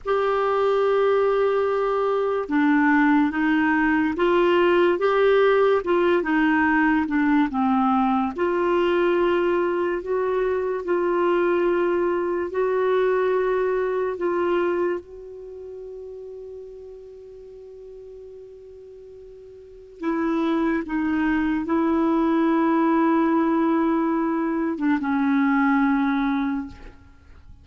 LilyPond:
\new Staff \with { instrumentName = "clarinet" } { \time 4/4 \tempo 4 = 72 g'2. d'4 | dis'4 f'4 g'4 f'8 dis'8~ | dis'8 d'8 c'4 f'2 | fis'4 f'2 fis'4~ |
fis'4 f'4 fis'2~ | fis'1 | e'4 dis'4 e'2~ | e'4.~ e'16 d'16 cis'2 | }